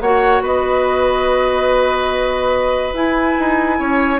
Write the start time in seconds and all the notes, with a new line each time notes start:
0.00 A#3 F#4 C#5 F#5
0.41 B3 B4 D#5
2.93 E4 G#5
3.39 D#4
3.79 C#4 C#5